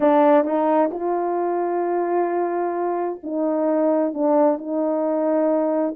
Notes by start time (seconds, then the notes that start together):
0.00 D4
0.44 D#4
0.91 F4
3.23 D#4
4.13 D4
4.58 D#4